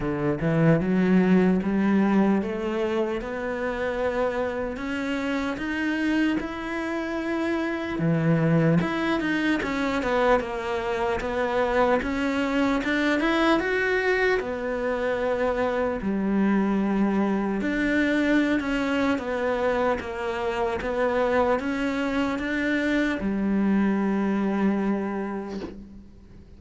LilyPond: \new Staff \with { instrumentName = "cello" } { \time 4/4 \tempo 4 = 75 d8 e8 fis4 g4 a4 | b2 cis'4 dis'4 | e'2 e4 e'8 dis'8 | cis'8 b8 ais4 b4 cis'4 |
d'8 e'8 fis'4 b2 | g2 d'4~ d'16 cis'8. | b4 ais4 b4 cis'4 | d'4 g2. | }